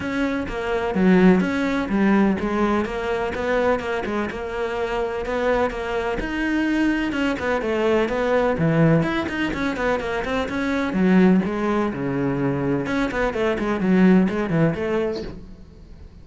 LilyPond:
\new Staff \with { instrumentName = "cello" } { \time 4/4 \tempo 4 = 126 cis'4 ais4 fis4 cis'4 | g4 gis4 ais4 b4 | ais8 gis8 ais2 b4 | ais4 dis'2 cis'8 b8 |
a4 b4 e4 e'8 dis'8 | cis'8 b8 ais8 c'8 cis'4 fis4 | gis4 cis2 cis'8 b8 | a8 gis8 fis4 gis8 e8 a4 | }